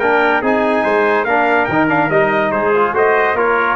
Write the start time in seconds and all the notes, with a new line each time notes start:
0.00 A#3 D4 A#4 G5
0.42 C4 D#4 G#4 G#5
0.84 G#3 C5
1.24 A#3 D4 A#4 F5
1.65 D#3 G5
1.72 D#4
1.89 D4 F5
2.10 G3 D#4 D#5
2.52 G#3 G#4 C5
2.76 F4
2.93 A3 F#4 C5 D#5
3.34 A#3 F4 A#4 C#5